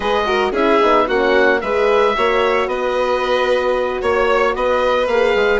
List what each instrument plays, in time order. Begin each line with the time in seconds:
0.00 bassoon G#3, horn G#4, violin B4, oboe D#5
0.26 horn F#4, violin A#4
0.51 bassoon C#4, horn E4, violin G#4, oboe E5
0.80 bassoon B3, horn D#4
1.06 bassoon A#3, horn C#4, violin F#4, oboe F#5
1.61 bassoon G#3, horn G#4, violin B4, oboe E5
2.15 bassoon A#3, horn F#4, violin C#5
2.66 bassoon B3, violin B4, oboe D#5
4.01 bassoon A#3, violin C#5, oboe C#5
4.55 bassoon B3, violin B4, oboe D#5
5.07 bassoon A#3, horn G#4, oboe F5
5.35 bassoon G#3